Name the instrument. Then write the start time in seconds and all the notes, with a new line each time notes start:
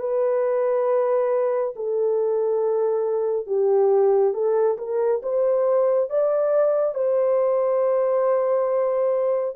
horn
0.00 B4
1.76 A4
3.47 G4
4.34 A4
4.78 A#4
5.23 C5
6.10 D5
6.95 C5